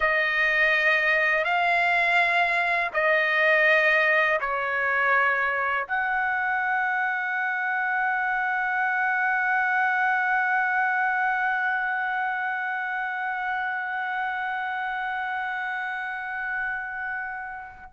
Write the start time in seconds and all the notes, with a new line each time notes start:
0.00 D#5
1.44 F5
2.93 D#5
4.40 C#5
5.87 F#5